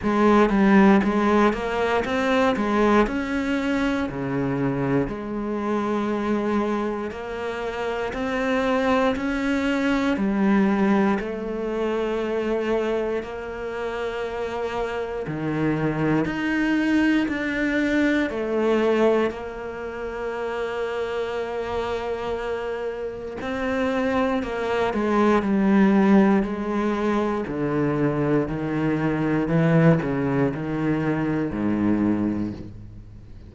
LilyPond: \new Staff \with { instrumentName = "cello" } { \time 4/4 \tempo 4 = 59 gis8 g8 gis8 ais8 c'8 gis8 cis'4 | cis4 gis2 ais4 | c'4 cis'4 g4 a4~ | a4 ais2 dis4 |
dis'4 d'4 a4 ais4~ | ais2. c'4 | ais8 gis8 g4 gis4 d4 | dis4 e8 cis8 dis4 gis,4 | }